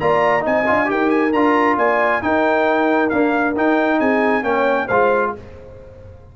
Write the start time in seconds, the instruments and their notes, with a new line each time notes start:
0.00 tuba A#3, trombone F4, horn D5, trumpet A#5
0.41 tuba C4, trombone D#4, horn D#5, trumpet G#5
0.67 tuba D4, trombone F4
0.86 tuba D#4, trombone G4, horn A#4, trumpet G5
1.10 trumpet G#5
1.32 tuba D4, trombone F4, trumpet A#5
1.77 tuba A#3, horn D5, trumpet G#5
2.22 trombone D#4, tuba D#4, horn A#4, trumpet G5
3.09 trombone A#3, tuba D4, trumpet F5
3.56 trombone D#4, tuba D#4, trumpet G5
3.99 tuba C4, horn G#4, trumpet G#5
4.43 tuba A#3, trombone C#4, horn C#5, trumpet G5
4.86 tuba G#3, trombone F4, horn C5, trumpet F5